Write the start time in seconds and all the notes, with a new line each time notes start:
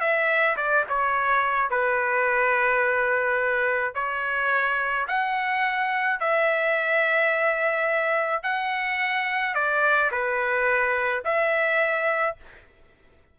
0.00 E5
0.56 D5
0.89 C#5
1.70 B4
3.94 C#5
5.08 F#5
6.19 E5
8.43 F#5
9.54 D5
10.11 B4
11.24 E5